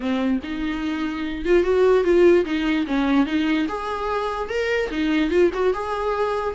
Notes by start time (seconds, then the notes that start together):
0.00 C4
0.43 D#4
1.45 F4
1.63 F#4
2.03 F4
2.45 D#4
2.87 C#4
3.26 D#4
3.68 G#4
4.49 A#4
4.91 D#4
5.30 F4
5.53 F#4
5.73 G#4